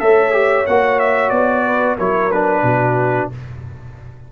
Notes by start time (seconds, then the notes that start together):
0.00 A3 A4 C#5 E5
0.32 G4
0.66 A#3 F#4 F#5
0.99 E5
1.30 B3 D5
1.66 B4
1.96 F#3 E4 A#4 C#5
2.31 D4 B4
2.63 B2 F#4